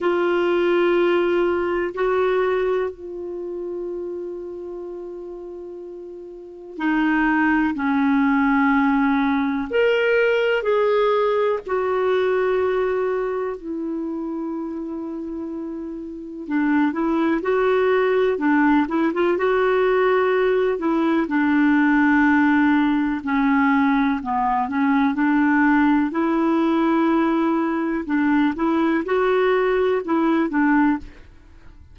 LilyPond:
\new Staff \with { instrumentName = "clarinet" } { \time 4/4 \tempo 4 = 62 f'2 fis'4 f'4~ | f'2. dis'4 | cis'2 ais'4 gis'4 | fis'2 e'2~ |
e'4 d'8 e'8 fis'4 d'8 e'16 f'16 | fis'4. e'8 d'2 | cis'4 b8 cis'8 d'4 e'4~ | e'4 d'8 e'8 fis'4 e'8 d'8 | }